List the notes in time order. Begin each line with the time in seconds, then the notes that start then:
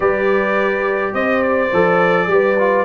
0.00 G3 G4 B4 D5
1.13 C4 C5 D#5
1.42 D5
1.72 F3 A4
2.27 G3 G4 B4
2.59 F4